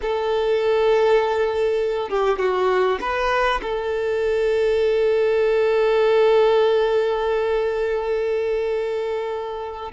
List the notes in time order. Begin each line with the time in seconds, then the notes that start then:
0.01 A4
2.09 G4
2.38 F#4
3.00 B4
3.62 A4